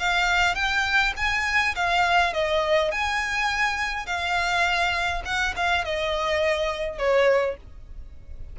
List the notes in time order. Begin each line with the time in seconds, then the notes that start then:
0.00 F5
0.56 G5
1.17 G#5
1.76 F5
2.34 D#5
2.92 G#5
4.07 F5
5.26 F#5
5.57 F5
5.85 D#5
6.98 C#5